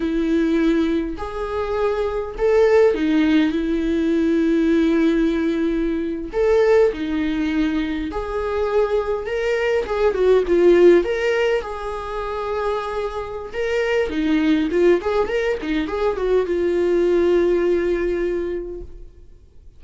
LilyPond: \new Staff \with { instrumentName = "viola" } { \time 4/4 \tempo 4 = 102 e'2 gis'2 | a'4 dis'4 e'2~ | e'2~ e'8. a'4 dis'16~ | dis'4.~ dis'16 gis'2 ais'16~ |
ais'8. gis'8 fis'8 f'4 ais'4 gis'16~ | gis'2. ais'4 | dis'4 f'8 gis'8 ais'8 dis'8 gis'8 fis'8 | f'1 | }